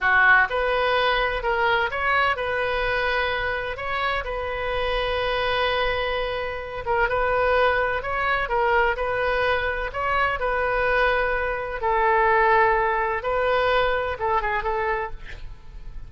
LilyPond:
\new Staff \with { instrumentName = "oboe" } { \time 4/4 \tempo 4 = 127 fis'4 b'2 ais'4 | cis''4 b'2. | cis''4 b'2.~ | b'2~ b'8 ais'8 b'4~ |
b'4 cis''4 ais'4 b'4~ | b'4 cis''4 b'2~ | b'4 a'2. | b'2 a'8 gis'8 a'4 | }